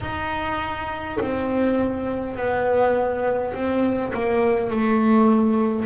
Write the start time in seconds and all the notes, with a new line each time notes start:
0.00 D#4
1.20 C4
2.36 B3
3.53 C4
4.13 A#3
4.70 A3